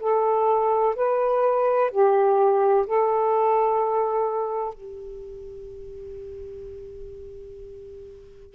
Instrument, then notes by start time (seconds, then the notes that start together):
saxophone
0.00 A4
0.96 B4
1.91 G4
2.87 A4
4.74 G4